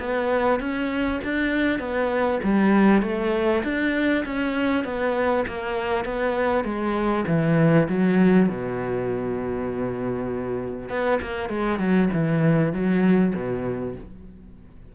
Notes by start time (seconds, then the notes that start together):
0.00 B3
0.60 C#4
1.24 D4
1.80 B3
2.44 G3
3.02 A3
3.64 D4
4.26 C#4
4.85 B3
5.48 A#3
6.05 B3
6.65 G#3
7.28 E3
7.89 F#3
8.49 B2
10.90 B3
11.22 A#3
11.50 G#3
11.79 F#3
12.14 E3
12.73 F#3
13.35 B2